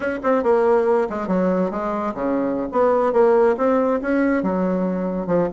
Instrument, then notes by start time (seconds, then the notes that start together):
bassoon
0.00 C#4
0.23 C4
0.43 A#3
1.09 G#3
1.27 F#3
1.70 G#3
2.14 C#3
2.72 B3
3.13 A#3
3.57 C4
4.01 C#4
4.42 F#3
5.27 F3